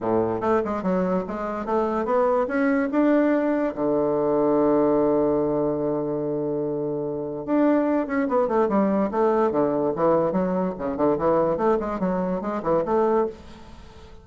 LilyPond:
\new Staff \with { instrumentName = "bassoon" } { \time 4/4 \tempo 4 = 145 a,4 a8 gis8 fis4 gis4 | a4 b4 cis'4 d'4~ | d'4 d2.~ | d1~ |
d2 d'4. cis'8 | b8 a8 g4 a4 d4 | e4 fis4 cis8 d8 e4 | a8 gis8 fis4 gis8 e8 a4 | }